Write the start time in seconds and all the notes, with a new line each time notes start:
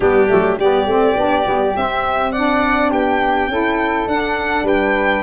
0.00 G3 B3 D4 G4
0.28 F#3 A3
0.59 G3 B3 G4 D5
0.85 A3 C4
1.16 B3 D4
1.44 G3 B3
1.75 C4 E5
2.32 D4 D5 F#5
2.90 B3 G4 G5
3.48 C#4 E4 A4
4.07 D4 F#5
4.62 G3 B4 G5